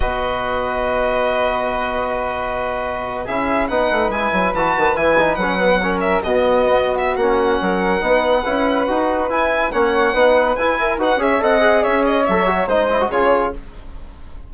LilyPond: <<
  \new Staff \with { instrumentName = "violin" } { \time 4/4 \tempo 4 = 142 dis''1~ | dis''2.~ dis''8. e''16~ | e''8. fis''4 gis''4 a''4 gis''16~ | gis''8. fis''4. e''8 dis''4~ dis''16~ |
dis''8 e''8 fis''2.~ | fis''2 gis''4 fis''4~ | fis''4 gis''4 fis''8 e''8 fis''4 | e''8 dis''8 e''4 dis''4 cis''4 | }
  \new Staff \with { instrumentName = "flute" } { \time 4/4 b'1~ | b'2.~ b'8. gis'16~ | gis'8. b'2.~ b'16~ | b'4.~ b'16 ais'4 fis'4~ fis'16~ |
fis'2 ais'4 b'4~ | b'2. cis''4 | b'4. ais'8 b'8 cis''8 dis''4 | cis''2 c''4 gis'4 | }
  \new Staff \with { instrumentName = "trombone" } { \time 4/4 fis'1~ | fis'2.~ fis'8. e'16~ | e'8. dis'4 e'4 fis'4 e'16~ | e'16 dis'8 cis'8 b8 cis'4 b4~ b16~ |
b4 cis'2 dis'4 | e'4 fis'4 e'4 cis'4 | dis'4 e'4 fis'8 gis'8 a'8 gis'8~ | gis'4 a'8 fis'8 dis'8 e'16 fis'16 f'4 | }
  \new Staff \with { instrumentName = "bassoon" } { \time 4/4 b,1~ | b,2.~ b,8. cis'16~ | cis'8. b8 a8 gis8 fis8 e8 dis8 e16~ | e8. fis2 b,4 b16~ |
b4 ais4 fis4 b4 | cis'4 dis'4 e'4 ais4 | b4 e'4 dis'8 cis'8 c'4 | cis'4 fis4 gis4 cis4 | }
>>